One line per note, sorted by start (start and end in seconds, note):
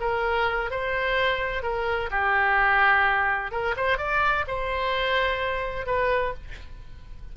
0.00 0.70 A#4
0.70 1.62 C5
1.62 2.09 A#4
2.10 3.51 G4
3.51 3.75 A#4
3.76 3.97 C5
3.97 4.45 D5
4.47 5.86 C5
5.86 6.33 B4